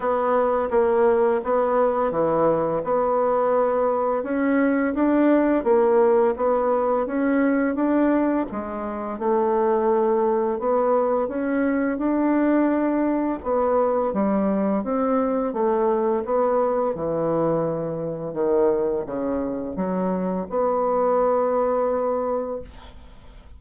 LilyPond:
\new Staff \with { instrumentName = "bassoon" } { \time 4/4 \tempo 4 = 85 b4 ais4 b4 e4 | b2 cis'4 d'4 | ais4 b4 cis'4 d'4 | gis4 a2 b4 |
cis'4 d'2 b4 | g4 c'4 a4 b4 | e2 dis4 cis4 | fis4 b2. | }